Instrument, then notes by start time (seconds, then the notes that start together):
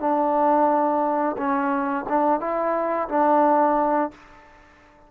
trombone
0.00 D4
1.37 C#4
2.09 D4
2.40 E4
3.09 D4